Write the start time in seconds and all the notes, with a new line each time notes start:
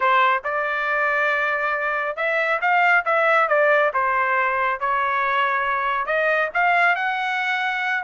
0.00 C5
0.43 D5
2.16 E5
2.61 F5
3.05 E5
3.48 D5
3.93 C5
4.79 C#5
6.06 D#5
6.54 F5
6.95 F#5